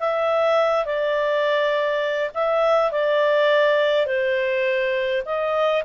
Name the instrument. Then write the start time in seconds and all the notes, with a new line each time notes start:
clarinet
0.00 E5
0.86 D5
2.34 E5
2.92 D5
4.06 C5
5.25 D#5